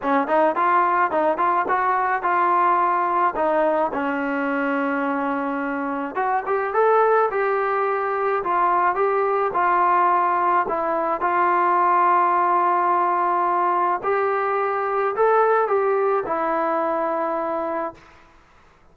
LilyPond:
\new Staff \with { instrumentName = "trombone" } { \time 4/4 \tempo 4 = 107 cis'8 dis'8 f'4 dis'8 f'8 fis'4 | f'2 dis'4 cis'4~ | cis'2. fis'8 g'8 | a'4 g'2 f'4 |
g'4 f'2 e'4 | f'1~ | f'4 g'2 a'4 | g'4 e'2. | }